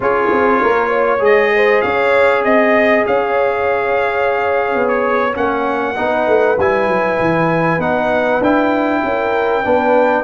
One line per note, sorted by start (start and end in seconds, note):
0.00 0.29 C#4
0.00 1.19 F4
0.00 0.61 G#4
0.00 1.23 C#5
0.31 0.62 C4
0.61 1.20 A#3
0.61 0.89 A#4
0.89 1.50 C#5
1.19 1.81 G#3
1.19 5.32 G#4
1.19 1.81 D#5
1.55 1.84 C5
1.81 2.44 C#4
1.81 2.44 C#5
1.81 2.42 F5
2.44 3.05 C4
2.44 3.05 D#5
3.06 4.74 C#4
3.06 5.96 C#5
3.06 4.88 F5
4.74 5.36 B3
4.88 5.34 C#5
5.33 5.97 A#3
5.33 5.95 C#4
5.33 6.58 F#5
5.95 6.27 B3
5.95 6.56 D#4
5.95 9.02 B4
6.27 6.58 A3
6.58 6.87 G3
6.58 7.80 E4
6.58 7.80 G#5
6.87 7.18 F#3
7.19 7.78 E3
7.78 8.39 B3
7.78 8.41 D#4
7.78 8.42 F#5
8.40 9.01 D4
8.40 9.64 E4
8.40 10.23 G5
9.03 9.65 C#4
9.03 9.63 A#4
9.63 10.23 B3
9.63 10.23 D4
9.63 10.23 B4